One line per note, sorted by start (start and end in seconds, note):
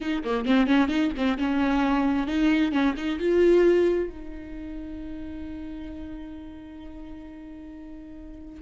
0.00 0.23 D#4
0.24 0.45 A#3
0.45 0.67 C4
0.67 0.88 C#4
0.88 1.11 D#4
1.16 1.38 C4
1.38 2.27 C#4
2.27 2.72 D#4
2.72 2.94 C#4
2.96 3.19 D#4
3.19 4.09 F4
4.09 8.62 D#4